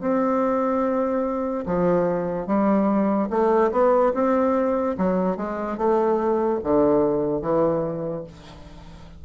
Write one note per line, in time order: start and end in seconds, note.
0.00 1.64 C4
1.66 2.47 F3
2.47 3.29 G3
3.30 3.71 A3
3.71 4.12 B3
4.14 4.96 C4
4.97 5.36 F#3
5.36 5.77 G#3
5.77 6.59 A3
6.63 7.41 D3
7.41 8.23 E3